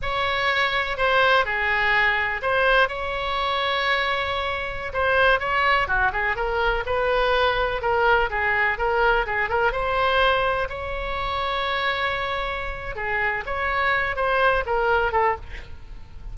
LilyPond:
\new Staff \with { instrumentName = "oboe" } { \time 4/4 \tempo 4 = 125 cis''2 c''4 gis'4~ | gis'4 c''4 cis''2~ | cis''2~ cis''16 c''4 cis''8.~ | cis''16 fis'8 gis'8 ais'4 b'4.~ b'16~ |
b'16 ais'4 gis'4 ais'4 gis'8 ais'16~ | ais'16 c''2 cis''4.~ cis''16~ | cis''2. gis'4 | cis''4. c''4 ais'4 a'8 | }